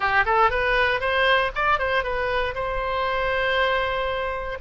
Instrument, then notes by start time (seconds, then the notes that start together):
oboe
0.00 G4
0.25 A4
0.50 B4
1.00 C5
1.55 D5
1.78 C5
2.03 B4
2.54 C5